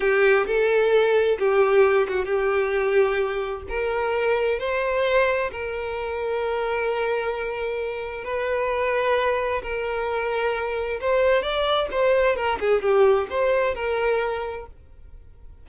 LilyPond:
\new Staff \with { instrumentName = "violin" } { \time 4/4 \tempo 4 = 131 g'4 a'2 g'4~ | g'8 fis'8 g'2. | ais'2 c''2 | ais'1~ |
ais'2 b'2~ | b'4 ais'2. | c''4 d''4 c''4 ais'8 gis'8 | g'4 c''4 ais'2 | }